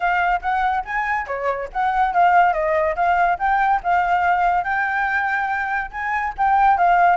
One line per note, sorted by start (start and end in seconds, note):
0.00 0.41 F5
0.41 0.84 F#5
0.85 1.26 G#5
1.26 1.68 C#5
1.72 2.13 F#5
2.13 2.53 F5
2.53 2.95 D#5
2.95 3.38 F5
3.38 3.80 G5
3.83 4.64 F5
4.64 5.90 G5
5.91 6.33 G#5
6.37 6.77 G5
6.77 7.16 F5